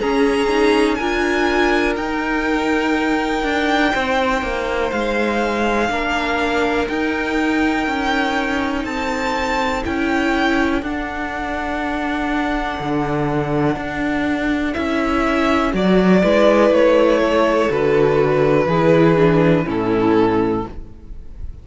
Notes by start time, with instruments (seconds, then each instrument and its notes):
0.00 viola C#4, cello C#4, violin G#4 A#5
0.49 viola D#4
0.95 cello D4, viola F4, violin A#4 G#5
1.96 cello D#4, viola D#4, violin G5
3.44 cello D4
3.94 cello C4, violin C5
4.42 cello A#3
4.92 cello G#3, violin F5
5.90 cello A#3, viola D4, violin A#4
6.89 cello D#4, viola D#4, violin G5
7.87 cello C#4
8.85 cello C4, violin A4 A5
9.84 cello C#4, viola E4, violin G5
10.82 cello D4, viola D4, violin F#5
12.80 cello D3
13.76 cello D4
14.74 cello C#4, viola E4, violin E5
15.73 cello F#3, viola F#4, violin D5
16.23 cello G#3, viola E4, violin B4
16.70 cello A3, violin C#5
17.22 violin A4
17.70 cello D3, viola F#4, violin B4
18.67 cello E3, viola E4, violin G#4
19.17 viola D4
19.65 cello A2, viola C#4, violin E4 A4